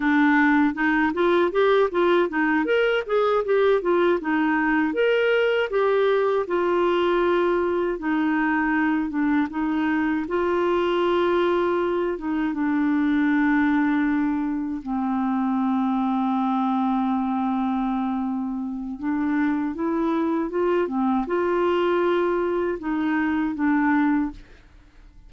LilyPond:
\new Staff \with { instrumentName = "clarinet" } { \time 4/4 \tempo 4 = 79 d'4 dis'8 f'8 g'8 f'8 dis'8 ais'8 | gis'8 g'8 f'8 dis'4 ais'4 g'8~ | g'8 f'2 dis'4. | d'8 dis'4 f'2~ f'8 |
dis'8 d'2. c'8~ | c'1~ | c'4 d'4 e'4 f'8 c'8 | f'2 dis'4 d'4 | }